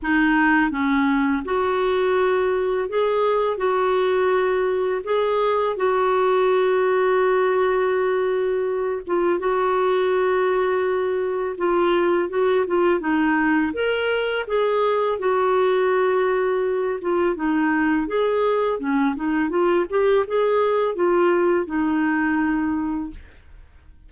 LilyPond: \new Staff \with { instrumentName = "clarinet" } { \time 4/4 \tempo 4 = 83 dis'4 cis'4 fis'2 | gis'4 fis'2 gis'4 | fis'1~ | fis'8 f'8 fis'2. |
f'4 fis'8 f'8 dis'4 ais'4 | gis'4 fis'2~ fis'8 f'8 | dis'4 gis'4 cis'8 dis'8 f'8 g'8 | gis'4 f'4 dis'2 | }